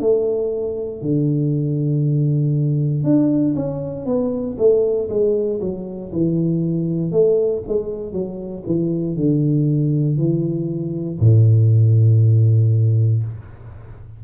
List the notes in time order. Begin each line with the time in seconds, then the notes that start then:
0.00 A3
1.02 D3
3.04 D4
3.55 C#4
4.05 B3
4.58 A3
5.09 G#3
5.60 F#3
6.12 E3
7.11 A3
7.67 G#3
8.12 F#3
8.66 E3
9.16 D3
10.17 E3
11.20 A2